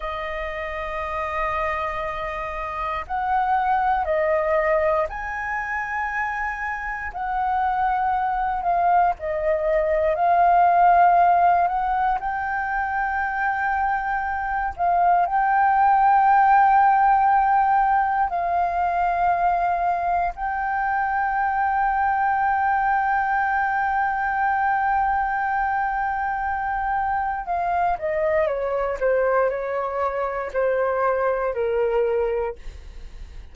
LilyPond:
\new Staff \with { instrumentName = "flute" } { \time 4/4 \tempo 4 = 59 dis''2. fis''4 | dis''4 gis''2 fis''4~ | fis''8 f''8 dis''4 f''4. fis''8 | g''2~ g''8 f''8 g''4~ |
g''2 f''2 | g''1~ | g''2. f''8 dis''8 | cis''8 c''8 cis''4 c''4 ais'4 | }